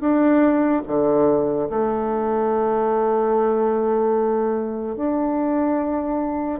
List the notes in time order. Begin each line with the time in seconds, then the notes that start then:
0.00 D4
0.87 D3
1.69 A3
4.96 D4